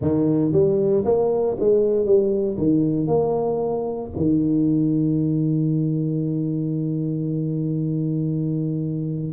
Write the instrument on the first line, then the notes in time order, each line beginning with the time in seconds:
tuba
0.01 D#3
0.52 G3
1.04 A#3
1.59 G#3
2.05 G3
2.57 D#3
3.07 A#3
4.16 D#3